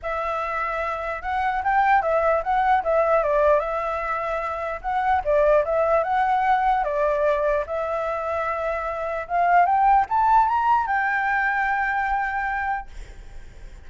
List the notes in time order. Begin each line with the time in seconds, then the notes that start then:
0.02 E5
1.22 F#5
1.63 G5
2.02 E5
2.43 F#5
2.83 E5
3.23 D5
3.59 E5
4.81 F#5
5.24 D5
5.65 E5
6.03 F#5
6.84 D5
7.66 E5
9.27 F5
9.65 G5
10.09 A5
10.47 A#5
10.86 G5